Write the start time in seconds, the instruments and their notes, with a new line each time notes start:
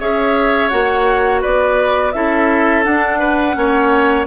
0.00 bassoon C#4, clarinet G#4, oboe C#5, flute E5
0.69 bassoon A#3, clarinet F#4, flute F#5
1.41 bassoon B3, oboe B4, flute D5
2.12 bassoon C#4, clarinet E4, oboe A4, flute E5
2.84 clarinet D4, bassoon D4, flute F#5
3.19 oboe B4
3.54 bassoon A#3, clarinet C#4, oboe C#5